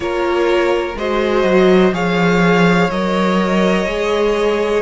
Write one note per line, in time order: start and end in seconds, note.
0.00 0.95 A#3
0.00 0.94 F4
0.00 0.98 A#4
0.00 0.96 C#5
0.96 1.43 G#3
0.96 1.92 F#4
0.96 1.94 C5
0.96 1.94 D#5
1.43 1.92 F#3
1.92 2.89 F3
1.92 2.89 G#4
1.92 4.82 C#5
1.92 2.90 F5
2.89 3.85 F#3
2.89 3.87 A#4
2.89 4.82 D#5
3.85 4.82 G#3
3.85 4.82 G#4